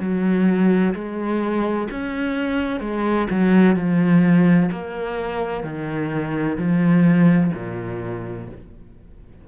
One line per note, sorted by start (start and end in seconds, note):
0.00 0.94 F#3
0.94 1.88 G#3
1.90 2.80 C#4
2.80 3.27 G#3
3.30 3.76 F#3
3.76 4.70 F3
4.71 5.64 A#3
5.64 6.58 D#3
6.58 7.52 F3
7.54 8.48 A#2